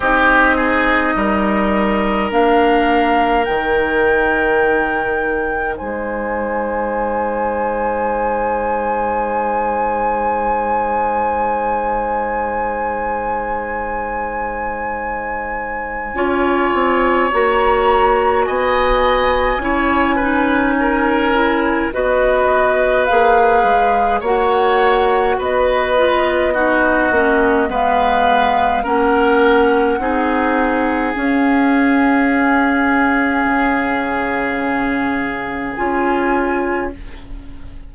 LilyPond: <<
  \new Staff \with { instrumentName = "flute" } { \time 4/4 \tempo 4 = 52 dis''2 f''4 g''4~ | g''4 gis''2.~ | gis''1~ | gis''2. ais''4 |
gis''2. dis''4 | f''4 fis''4 dis''2 | f''4 fis''2 f''4~ | f''2. gis''4 | }
  \new Staff \with { instrumentName = "oboe" } { \time 4/4 g'8 gis'8 ais'2.~ | ais'4 c''2.~ | c''1~ | c''2 cis''2 |
dis''4 cis''8 b'8 ais'4 b'4~ | b'4 cis''4 b'4 fis'4 | b'4 ais'4 gis'2~ | gis'1 | }
  \new Staff \with { instrumentName = "clarinet" } { \time 4/4 dis'2 d'4 dis'4~ | dis'1~ | dis'1~ | dis'2 f'4 fis'4~ |
fis'4 e'8 dis'4 e'8 fis'4 | gis'4 fis'4. f'8 dis'8 cis'8 | b4 cis'4 dis'4 cis'4~ | cis'2. f'4 | }
  \new Staff \with { instrumentName = "bassoon" } { \time 4/4 c'4 g4 ais4 dis4~ | dis4 gis2.~ | gis1~ | gis2 cis'8 c'8 ais4 |
b4 cis'2 b4 | ais8 gis8 ais4 b4. ais8 | gis4 ais4 c'4 cis'4~ | cis'4 cis2 cis'4 | }
>>